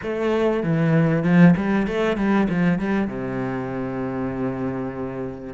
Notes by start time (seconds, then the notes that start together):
0.02 A3
0.63 E3
1.23 F3
1.56 G3
1.87 A3
2.16 G3
2.49 F3
2.78 G3
3.07 C3